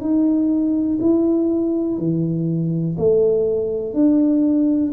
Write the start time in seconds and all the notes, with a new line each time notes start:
0.00 D#4
1.00 E4
1.98 E3
2.98 A3
3.93 D4